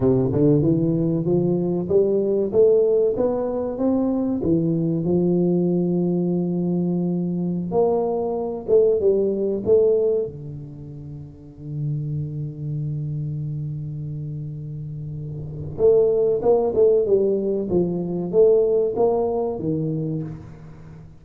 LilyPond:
\new Staff \with { instrumentName = "tuba" } { \time 4/4 \tempo 4 = 95 c8 d8 e4 f4 g4 | a4 b4 c'4 e4 | f1~ | f16 ais4. a8 g4 a8.~ |
a16 d2.~ d8.~ | d1~ | d4 a4 ais8 a8 g4 | f4 a4 ais4 dis4 | }